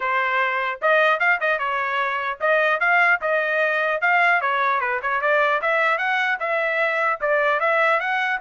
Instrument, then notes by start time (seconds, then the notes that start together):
trumpet
0.00 C5
0.81 D#5
1.19 F5
1.40 D#5
1.59 C#5
2.40 D#5
2.80 F5
3.21 D#5
4.01 F5
4.41 C#5
4.80 B4
5.02 C#5
5.21 D5
5.61 E5
5.98 F#5
6.39 E5
7.20 D5
7.60 E5
8.00 F#5